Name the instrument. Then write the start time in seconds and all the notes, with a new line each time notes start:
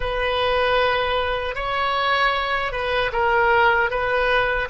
oboe
0.00 B4
1.55 C#5
2.72 B4
3.12 A#4
3.90 B4